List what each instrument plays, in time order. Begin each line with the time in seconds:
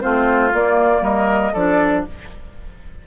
0.00 bassoon A3, clarinet C4, oboe F4, flute C5
0.52 clarinet A#3, bassoon A#3, flute D5
1.01 bassoon G3, oboe A#4, flute D#5
1.53 bassoon F3, clarinet D4, oboe A4, flute D5